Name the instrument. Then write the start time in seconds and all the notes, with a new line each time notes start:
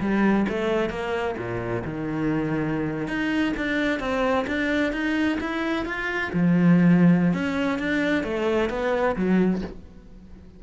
cello
0.00 G3
0.49 A3
0.89 A#3
1.37 A#2
1.84 D#3
3.07 D#4
3.57 D4
4.00 C4
4.47 D4
4.92 D#4
5.40 E4
5.85 F4
6.33 F3
7.33 C#4
7.78 D4
8.24 A3
8.70 B3
9.16 F#3